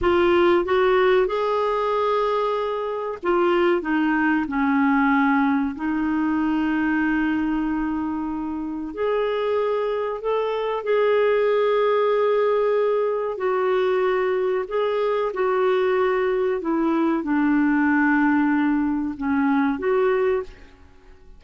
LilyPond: \new Staff \with { instrumentName = "clarinet" } { \time 4/4 \tempo 4 = 94 f'4 fis'4 gis'2~ | gis'4 f'4 dis'4 cis'4~ | cis'4 dis'2.~ | dis'2 gis'2 |
a'4 gis'2.~ | gis'4 fis'2 gis'4 | fis'2 e'4 d'4~ | d'2 cis'4 fis'4 | }